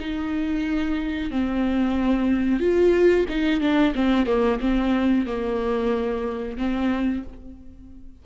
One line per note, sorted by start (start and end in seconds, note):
0.00 1.31 D#4
1.31 2.60 C4
2.60 3.26 F4
3.29 3.61 D#4
3.61 3.94 D4
3.95 4.26 C4
4.26 4.59 A#3
4.60 5.26 C4
5.26 6.58 A#3
6.58 7.23 C4